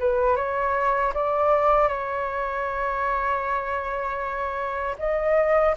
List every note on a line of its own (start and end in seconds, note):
0.00 0.36 B4
0.36 1.13 C#5
1.15 1.88 D5
1.88 4.96 C#5
4.99 5.76 D#5